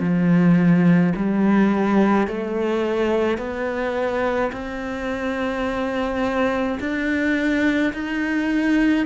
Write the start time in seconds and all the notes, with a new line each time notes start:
0.00 F3
1.16 G3
2.27 A3
3.38 B3
4.52 C4
6.80 D4
7.93 D#4